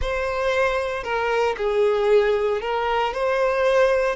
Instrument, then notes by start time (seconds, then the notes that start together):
violin
0.01 C5
1.03 A#4
1.57 G#4
2.61 A#4
3.13 C5